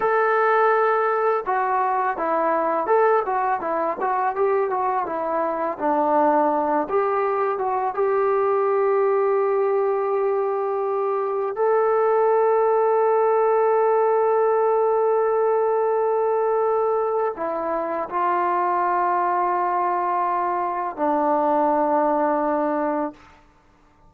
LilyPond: \new Staff \with { instrumentName = "trombone" } { \time 4/4 \tempo 4 = 83 a'2 fis'4 e'4 | a'8 fis'8 e'8 fis'8 g'8 fis'8 e'4 | d'4. g'4 fis'8 g'4~ | g'1 |
a'1~ | a'1 | e'4 f'2.~ | f'4 d'2. | }